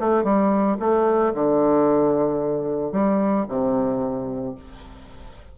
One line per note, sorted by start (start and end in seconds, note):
0.00 0.24 A3
0.24 0.77 G3
0.80 1.33 A3
1.34 2.92 D3
2.92 3.46 G3
3.48 4.56 C3